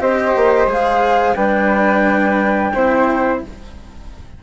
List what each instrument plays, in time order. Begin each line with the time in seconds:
0.00 bassoon C4, cello G4, flute C5 D#5
0.36 bassoon A#3
0.67 bassoon G#3, cello G#4, flute F5
1.36 bassoon G3, cello D4, flute B4 G5
2.75 bassoon C4, cello E4, flute C5